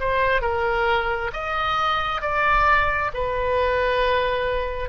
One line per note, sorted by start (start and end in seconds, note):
0.00 0.42 C5
0.42 1.31 A#4
1.34 2.22 D#5
2.22 3.11 D5
3.14 4.90 B4